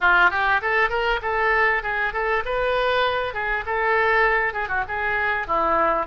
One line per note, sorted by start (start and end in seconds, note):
0.01 0.30 F4
0.30 0.61 G4
0.61 0.89 A4
0.89 1.20 A#4
1.22 1.82 A4
1.83 2.13 G#4
2.13 2.43 A4
2.45 3.34 B4
3.34 3.64 G#4
3.65 4.53 A4
4.53 4.68 G#4
4.68 4.83 F#4
4.88 5.47 G#4
5.47 6.06 E4